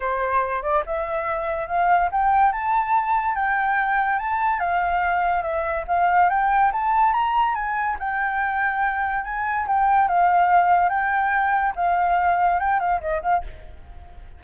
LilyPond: \new Staff \with { instrumentName = "flute" } { \time 4/4 \tempo 4 = 143 c''4. d''8 e''2 | f''4 g''4 a''2 | g''2 a''4 f''4~ | f''4 e''4 f''4 g''4 |
a''4 ais''4 gis''4 g''4~ | g''2 gis''4 g''4 | f''2 g''2 | f''2 g''8 f''8 dis''8 f''8 | }